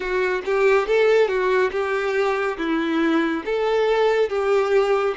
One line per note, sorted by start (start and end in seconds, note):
0.00 0.42 F#4
0.45 0.87 G4
0.87 1.28 A4
1.28 1.71 F#4
1.71 2.57 G4
2.57 3.43 E4
3.45 4.29 A4
4.29 5.14 G4